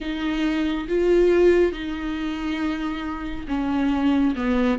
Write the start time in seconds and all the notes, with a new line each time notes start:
0.00 D#4
0.88 F4
1.72 D#4
3.48 C#4
4.35 B3